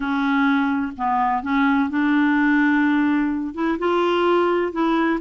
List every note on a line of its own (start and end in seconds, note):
0.00 0.92 C#4
0.97 1.43 B3
1.43 1.89 C#4
1.89 3.54 D4
3.54 3.78 E4
3.78 4.72 F4
4.72 5.19 E4